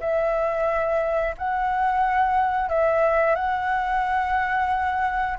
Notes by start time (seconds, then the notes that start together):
0.00 E5
1.38 F#5
2.69 E5
3.36 F#5